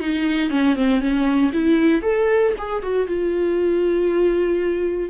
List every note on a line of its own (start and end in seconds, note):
0.00 0.50 D#4
0.50 0.75 C#4
0.75 1.00 C4
1.00 1.51 C#4
1.53 2.02 E4
2.02 2.53 A4
2.58 2.82 G#4
2.82 3.07 F#4
3.07 5.10 F4